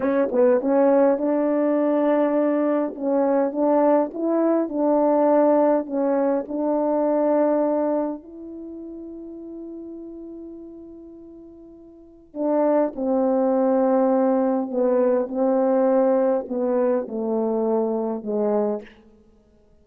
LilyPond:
\new Staff \with { instrumentName = "horn" } { \time 4/4 \tempo 4 = 102 cis'8 b8 cis'4 d'2~ | d'4 cis'4 d'4 e'4 | d'2 cis'4 d'4~ | d'2 e'2~ |
e'1~ | e'4 d'4 c'2~ | c'4 b4 c'2 | b4 a2 gis4 | }